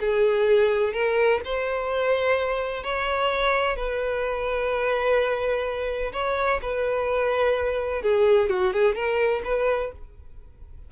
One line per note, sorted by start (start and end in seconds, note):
0.00 0.93 G#4
0.93 1.40 A#4
1.44 2.83 C5
2.83 3.76 C#5
3.76 6.12 B4
6.13 6.60 C#5
6.62 8.02 B4
8.02 8.49 G#4
8.49 8.73 F#4
8.73 8.95 G#4
8.95 9.42 A#4
9.44 9.91 B4